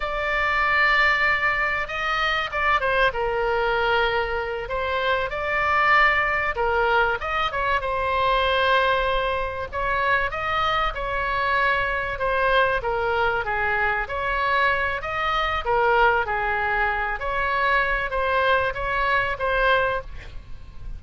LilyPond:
\new Staff \with { instrumentName = "oboe" } { \time 4/4 \tempo 4 = 96 d''2. dis''4 | d''8 c''8 ais'2~ ais'8 c''8~ | c''8 d''2 ais'4 dis''8 | cis''8 c''2. cis''8~ |
cis''8 dis''4 cis''2 c''8~ | c''8 ais'4 gis'4 cis''4. | dis''4 ais'4 gis'4. cis''8~ | cis''4 c''4 cis''4 c''4 | }